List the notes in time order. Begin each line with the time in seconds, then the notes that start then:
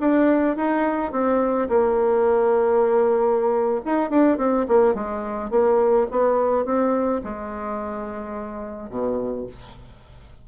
0.00 D4
0.56 D#4
1.12 C4
1.69 A#3
3.85 D#4
4.10 D4
4.37 C4
4.68 A#3
4.95 G#3
5.50 A#3
6.11 B3
6.65 C4
7.23 G#3
8.89 B2